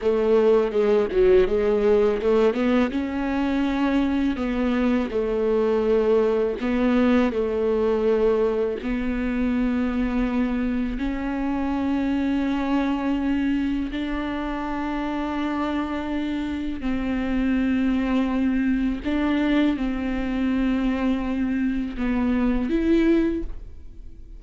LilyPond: \new Staff \with { instrumentName = "viola" } { \time 4/4 \tempo 4 = 82 a4 gis8 fis8 gis4 a8 b8 | cis'2 b4 a4~ | a4 b4 a2 | b2. cis'4~ |
cis'2. d'4~ | d'2. c'4~ | c'2 d'4 c'4~ | c'2 b4 e'4 | }